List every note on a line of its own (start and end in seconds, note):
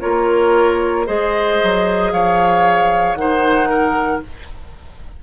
0.00 1.08 A#3
0.00 1.06 F4
0.00 1.06 A#4
0.00 1.05 C#5
1.06 1.61 G#3
1.06 3.16 G#4
1.06 2.12 C5
1.06 2.12 D#5
1.63 2.12 F#3
2.12 3.14 F3
2.12 3.18 C#5
2.12 3.15 F5
3.14 4.19 D#3
3.14 4.23 D#4
3.14 3.69 C5
3.14 4.20 F#5
3.69 4.21 A#4